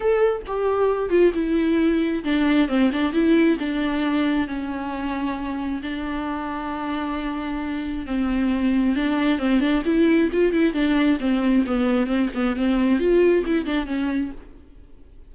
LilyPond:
\new Staff \with { instrumentName = "viola" } { \time 4/4 \tempo 4 = 134 a'4 g'4. f'8 e'4~ | e'4 d'4 c'8 d'8 e'4 | d'2 cis'2~ | cis'4 d'2.~ |
d'2 c'2 | d'4 c'8 d'8 e'4 f'8 e'8 | d'4 c'4 b4 c'8 b8 | c'4 f'4 e'8 d'8 cis'4 | }